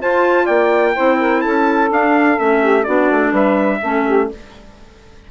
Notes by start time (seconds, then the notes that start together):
0.00 F4 C5 A5
0.44 A#3 D5 G5
0.95 C4 E4 C5
1.19 A#4
1.41 C#4 A4 A5
1.90 D4 F5
2.37 A3 C#4 E5
2.61 G4
2.84 B3 D4 F#4 D5
3.11 A3
3.30 G3 B4 E5
3.82 A3 C#4 A4
4.06 G4